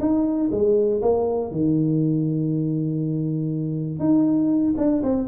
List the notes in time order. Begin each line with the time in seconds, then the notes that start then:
0.00 D#4
0.51 G#3
1.01 A#3
1.51 D#3
3.99 D#4
4.77 D4
5.02 C4